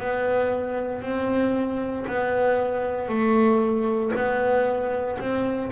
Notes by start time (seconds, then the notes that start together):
0.00 B3
1.03 C4
2.08 B3
3.09 A3
4.16 B3
5.20 C4